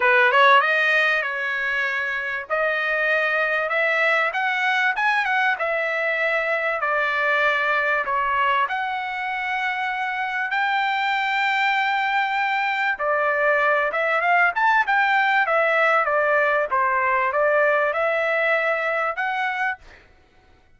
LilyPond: \new Staff \with { instrumentName = "trumpet" } { \time 4/4 \tempo 4 = 97 b'8 cis''8 dis''4 cis''2 | dis''2 e''4 fis''4 | gis''8 fis''8 e''2 d''4~ | d''4 cis''4 fis''2~ |
fis''4 g''2.~ | g''4 d''4. e''8 f''8 a''8 | g''4 e''4 d''4 c''4 | d''4 e''2 fis''4 | }